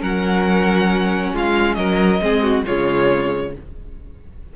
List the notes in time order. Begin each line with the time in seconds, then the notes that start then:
0.00 F#3 C#4 A#4 F#5
1.33 G#3 F4 F5
1.74 F#3 A#4 D#5
2.21 G#3 C4 G#4
2.43 F#4
2.65 C#3 G#3 F4 C#5